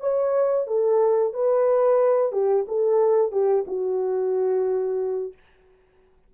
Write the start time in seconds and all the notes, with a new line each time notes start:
0.00 C#5
0.67 A4
1.33 B4
2.32 G4
2.68 A4
3.32 G4
3.67 F#4